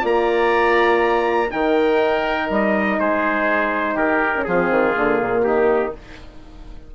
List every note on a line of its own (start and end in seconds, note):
0.00 1.51 A#3
0.00 1.48 F4
0.00 1.48 D5
0.00 1.51 A#5
1.50 2.49 D#3
1.50 4.33 D#4
1.50 2.99 A#4
1.50 2.49 G5
2.49 2.98 G3
2.49 2.99 D#5
2.99 3.95 G#3
2.99 3.94 G#4
2.99 3.97 C5
3.94 4.44 D#3
3.94 4.43 G4
3.94 4.44 A#4
4.35 4.47 C#4
4.44 4.70 F3
4.44 4.94 C4
4.44 5.45 F4
4.44 5.43 G#4
4.70 4.95 D#3
4.94 5.20 D3
4.94 5.92 A#3
5.20 5.45 A#2
5.43 5.94 D#3
5.43 5.94 D#4
5.43 5.93 G4